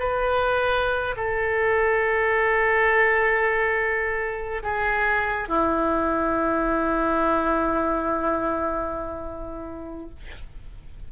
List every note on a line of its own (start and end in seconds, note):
0.00 1.15 B4
1.17 4.63 A4
4.63 5.49 G#4
5.49 10.10 E4